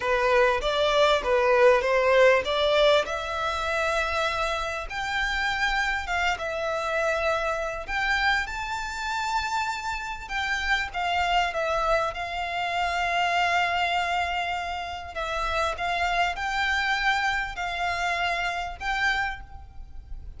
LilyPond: \new Staff \with { instrumentName = "violin" } { \time 4/4 \tempo 4 = 99 b'4 d''4 b'4 c''4 | d''4 e''2. | g''2 f''8 e''4.~ | e''4 g''4 a''2~ |
a''4 g''4 f''4 e''4 | f''1~ | f''4 e''4 f''4 g''4~ | g''4 f''2 g''4 | }